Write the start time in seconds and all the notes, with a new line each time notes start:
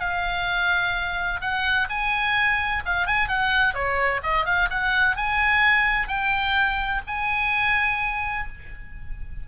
0.00 F5
1.41 F#5
1.89 G#5
2.86 F5
3.07 G#5
3.28 F#5
3.74 C#5
4.23 D#5
4.46 F5
4.70 F#5
5.16 G#5
6.08 G5
7.07 G#5